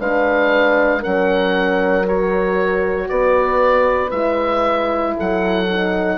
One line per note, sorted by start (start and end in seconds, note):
0.00 1.04 G#3
0.00 1.02 D4
0.00 1.00 B4
0.00 1.03 F5
1.00 3.10 F#3
1.00 2.05 C#4
1.00 3.07 A#4
1.00 2.07 F#5
2.07 4.12 F#4
2.07 3.09 C#5
3.09 4.12 B3
3.09 5.16 B4
3.09 4.11 D5
4.11 5.15 G#3
4.11 5.67 E4
4.11 5.14 E5
5.17 6.18 F#3
5.17 6.18 A4
5.17 6.18 F#5
5.70 6.18 D#4